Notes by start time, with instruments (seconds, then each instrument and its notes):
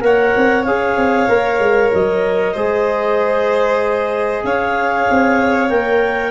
0.00 tuba A#3, trombone A#4, violin C#5, clarinet F#5
0.37 tuba C4
0.64 tuba C#4, trombone G#4, clarinet F5
0.96 tuba C4
1.29 tuba A#3, trombone A#4
1.59 tuba G#3
1.93 tuba F#3, clarinet D#5
2.53 tuba G#3, trombone G#4, violin C5
4.44 tuba C#4, violin C#5, clarinet F5
5.10 tuba C4
5.69 tuba A#3, trombone A#4, clarinet G5